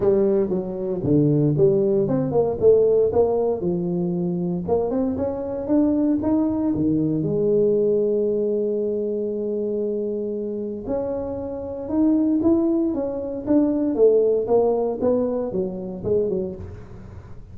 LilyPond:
\new Staff \with { instrumentName = "tuba" } { \time 4/4 \tempo 4 = 116 g4 fis4 d4 g4 | c'8 ais8 a4 ais4 f4~ | f4 ais8 c'8 cis'4 d'4 | dis'4 dis4 gis2~ |
gis1~ | gis4 cis'2 dis'4 | e'4 cis'4 d'4 a4 | ais4 b4 fis4 gis8 fis8 | }